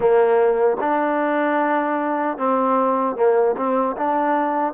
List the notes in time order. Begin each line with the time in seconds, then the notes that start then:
0.00 A#3
0.80 D4
2.37 C4
3.16 A#3
3.56 C4
3.97 D4